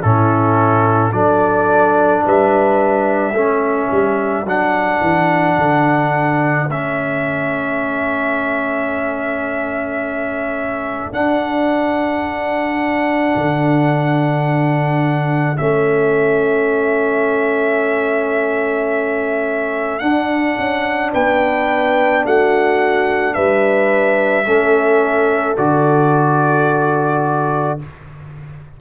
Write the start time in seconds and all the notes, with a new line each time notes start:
0.00 A2 C#4 E4 A4
1.12 F#3 D4 A4 D5
2.25 G3 B4 E5
3.32 A3 C#4 A4
3.91 G3
4.44 F#3 D4 F#5
5.00 E3
5.57 D3
6.68 A3 C#4 E5
11.12 D4 F#5
13.35 D3
15.57 A3 C#4 E5
19.99 D4 F#5
20.58 C#4
21.12 B3 B4 G5
22.24 A3 F#4 F#5
23.34 G3 B4 E5
24.46 A3 C#4 A4
25.57 D3 F#4 D5